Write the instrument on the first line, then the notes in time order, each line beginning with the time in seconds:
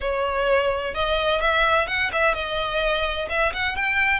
violin
0.00 C#5
0.94 D#5
1.41 E5
1.87 F#5
2.12 E5
2.34 D#5
3.29 E5
3.53 F#5
3.75 G5